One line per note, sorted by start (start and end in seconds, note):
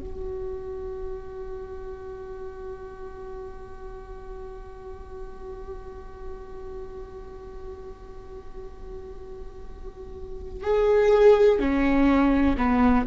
0.00 10.63 F#4
10.63 11.59 G#4
11.59 12.56 C#4
12.57 13.06 B3